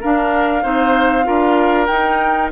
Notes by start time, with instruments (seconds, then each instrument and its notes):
0.00 clarinet D4, bassoon D4, oboe A#4, flute F5
0.62 bassoon C4, clarinet D#4, oboe C5
1.23 bassoon D4, clarinet F4, oboe A#4
1.86 bassoon D#4, clarinet D#4, flute G5